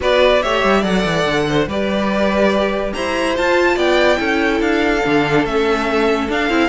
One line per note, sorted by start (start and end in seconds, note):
0.00 0.42 B3
0.00 0.41 F#4
0.00 0.42 B4
0.00 0.42 D5
0.42 0.64 A3
0.42 0.83 G4
0.42 0.80 C#5
0.42 0.84 E5
0.64 0.83 G3
0.80 1.04 F#3
0.80 1.67 A4
0.80 1.43 D5
0.80 1.68 F#5
1.04 1.25 E3
1.25 1.67 D3
1.49 1.67 C5
1.67 2.93 G3
1.67 3.35 G4
1.67 2.93 B4
1.67 2.93 D5
2.93 3.38 E4
2.93 3.75 C5
2.93 3.35 A#5
3.35 4.17 F4
3.35 3.76 F4
3.35 3.78 A5
3.75 4.18 B3
3.75 4.17 D5
3.75 4.61 G5
4.17 4.60 C#4
4.17 5.00 E4
4.17 6.69 A4
4.60 5.02 D4
4.60 5.45 F5
5.05 5.44 D3
5.05 5.47 D4
5.44 6.28 A3
5.44 6.28 C#4
5.44 6.29 E5
6.28 6.49 D4
6.28 6.69 F5
6.49 6.69 C4
6.49 6.69 E4